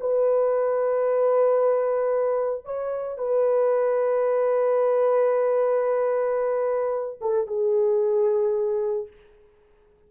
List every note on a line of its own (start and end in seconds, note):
0.00 2.65 B4
2.65 3.18 C#5
3.18 7.19 B4
7.21 7.47 A4
7.47 9.08 G#4